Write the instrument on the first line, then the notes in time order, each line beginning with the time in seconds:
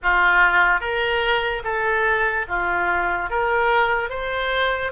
oboe
0.02 F4
0.80 A#4
1.64 A4
2.48 F4
3.30 A#4
4.09 C5